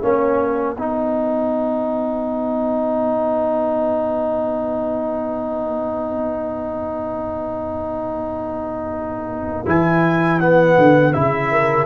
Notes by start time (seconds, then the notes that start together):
0.00 A#3 C#4 C#5 F#5
0.74 B3 D#4 B4
9.66 E3 E4 G#5
10.40 B3 F#5
10.77 D3
11.13 C#3 E4 E5
11.51 A#4